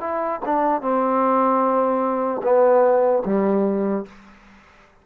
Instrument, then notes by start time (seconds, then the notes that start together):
trombone
0.00 E4
0.45 D4
0.81 C4
2.43 B3
3.25 G3